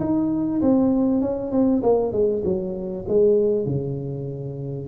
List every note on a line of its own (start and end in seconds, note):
0.00 0.61 D#4
0.62 1.21 C4
1.21 1.52 C#4
1.52 1.82 C4
1.83 2.12 A#3
2.12 2.43 G#3
2.44 3.06 F#3
3.08 3.66 G#3
3.66 4.88 C#3